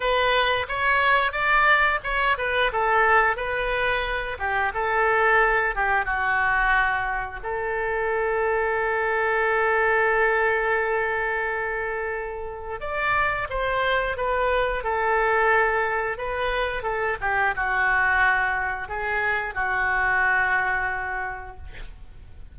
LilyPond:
\new Staff \with { instrumentName = "oboe" } { \time 4/4 \tempo 4 = 89 b'4 cis''4 d''4 cis''8 b'8 | a'4 b'4. g'8 a'4~ | a'8 g'8 fis'2 a'4~ | a'1~ |
a'2. d''4 | c''4 b'4 a'2 | b'4 a'8 g'8 fis'2 | gis'4 fis'2. | }